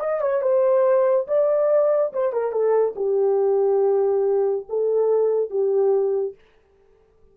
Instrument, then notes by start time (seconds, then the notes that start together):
horn
0.00 D#5
0.21 C#5
0.42 C5
1.27 D5
2.13 C5
2.32 A#4
2.52 A4
2.96 G4
4.69 A4
5.50 G4